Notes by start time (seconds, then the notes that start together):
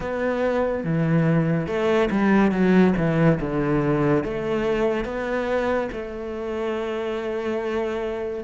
0.00 B3
0.84 E3
1.66 A3
2.10 G3
2.51 F#3
2.97 E3
3.40 D3
4.23 A3
5.04 B3
5.92 A3